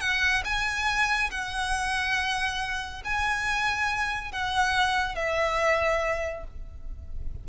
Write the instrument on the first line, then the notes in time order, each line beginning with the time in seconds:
violin
0.00 F#5
0.44 G#5
1.31 F#5
3.04 G#5
4.32 F#5
5.15 E5